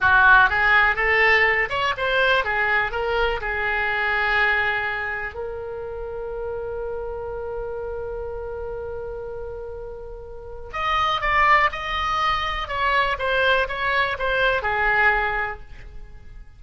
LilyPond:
\new Staff \with { instrumentName = "oboe" } { \time 4/4 \tempo 4 = 123 fis'4 gis'4 a'4. cis''8 | c''4 gis'4 ais'4 gis'4~ | gis'2. ais'4~ | ais'1~ |
ais'1~ | ais'2 dis''4 d''4 | dis''2 cis''4 c''4 | cis''4 c''4 gis'2 | }